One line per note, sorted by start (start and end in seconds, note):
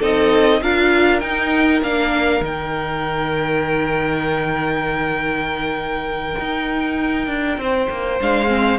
0.00 0.62 C4
0.00 0.62 D#4
0.00 0.61 A4
0.00 0.63 D#5
0.62 1.22 D4
0.62 1.22 F4
0.62 7.60 A#4
0.62 1.20 F5
1.20 1.83 D#4
1.20 1.81 G5
1.83 2.41 A#3
1.83 2.44 D4
1.83 2.44 F5
2.41 6.35 D#3
2.41 8.20 D#4
2.41 8.22 G5
6.40 7.28 D#4
7.28 7.58 D4
7.58 7.88 C4
7.58 8.79 C5
7.90 8.21 A#3
8.21 8.79 G#3
8.21 8.48 D4
8.21 8.79 F5
8.48 8.78 C4